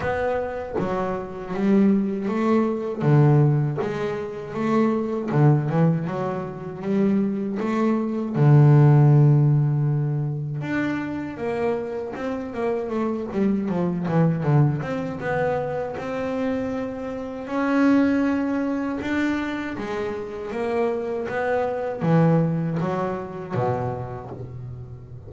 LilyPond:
\new Staff \with { instrumentName = "double bass" } { \time 4/4 \tempo 4 = 79 b4 fis4 g4 a4 | d4 gis4 a4 d8 e8 | fis4 g4 a4 d4~ | d2 d'4 ais4 |
c'8 ais8 a8 g8 f8 e8 d8 c'8 | b4 c'2 cis'4~ | cis'4 d'4 gis4 ais4 | b4 e4 fis4 b,4 | }